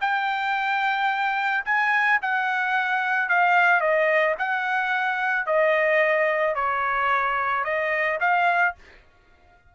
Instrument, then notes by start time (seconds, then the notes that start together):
trumpet
0.00 G5
1.65 G#5
2.21 F#5
3.29 F5
3.80 D#5
4.38 F#5
5.46 D#5
6.55 C#5
7.64 D#5
8.20 F5